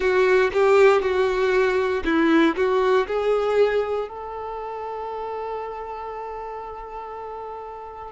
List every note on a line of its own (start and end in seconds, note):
0.00 0.50 F#4
0.53 1.01 G4
1.01 2.03 F#4
2.04 2.55 E4
2.56 3.06 F#4
3.07 4.08 G#4
4.08 8.11 A4